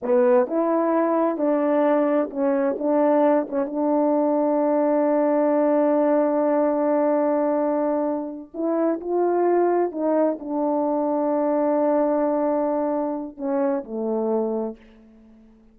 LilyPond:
\new Staff \with { instrumentName = "horn" } { \time 4/4 \tempo 4 = 130 b4 e'2 d'4~ | d'4 cis'4 d'4. cis'8 | d'1~ | d'1~ |
d'2~ d'8 e'4 f'8~ | f'4. dis'4 d'4.~ | d'1~ | d'4 cis'4 a2 | }